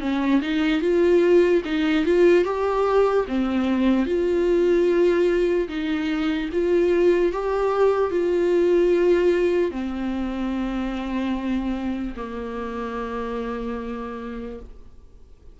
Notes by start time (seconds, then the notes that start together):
0.00 C#4
0.41 D#4
0.81 F4
1.64 D#4
2.05 F4
2.44 G4
3.27 C4
4.05 F4
5.68 D#4
6.52 F4
7.32 G4
8.10 F4
9.71 C4
12.16 A#3